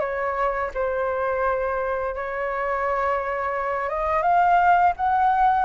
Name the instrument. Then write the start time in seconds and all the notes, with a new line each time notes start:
flute
0.00 C#5
0.74 C5
2.15 C#5
3.89 D#5
4.23 F5
4.96 F#5